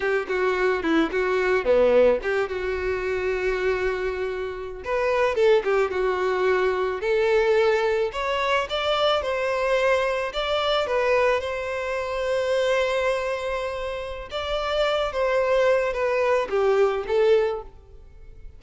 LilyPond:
\new Staff \with { instrumentName = "violin" } { \time 4/4 \tempo 4 = 109 g'8 fis'4 e'8 fis'4 b4 | g'8 fis'2.~ fis'8~ | fis'8. b'4 a'8 g'8 fis'4~ fis'16~ | fis'8. a'2 cis''4 d''16~ |
d''8. c''2 d''4 b'16~ | b'8. c''2.~ c''16~ | c''2 d''4. c''8~ | c''4 b'4 g'4 a'4 | }